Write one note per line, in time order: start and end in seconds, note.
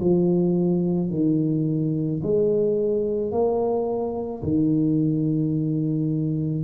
0.00 1.10 F3
1.10 2.21 D#3
2.23 3.32 G#3
3.32 4.43 A#3
4.43 6.64 D#3